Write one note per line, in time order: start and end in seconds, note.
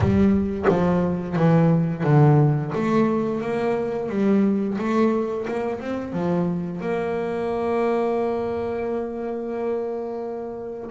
0.00 0.65 G3
0.68 1.36 F3
1.36 2.03 E3
2.03 2.71 D3
2.74 3.41 A3
3.41 4.09 A#3
4.09 4.77 G3
4.78 5.46 A3
5.47 5.80 A#3
5.80 6.12 C4
6.12 6.80 F3
6.80 10.89 A#3